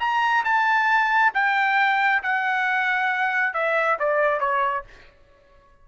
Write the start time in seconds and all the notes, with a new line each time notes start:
0.00 A#5
0.44 A5
1.34 G5
2.23 F#5
3.54 E5
3.99 D5
4.40 C#5